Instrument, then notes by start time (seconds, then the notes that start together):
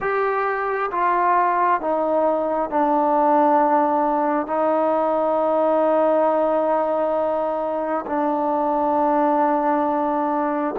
trombone
0.00 G4
0.91 F4
1.81 D#4
2.69 D4
4.47 D#4
8.06 D4